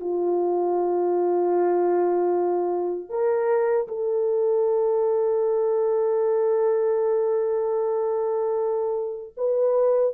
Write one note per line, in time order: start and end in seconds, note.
0.00 3.10 F4
3.10 3.87 A#4
3.88 9.33 A4
9.37 10.14 B4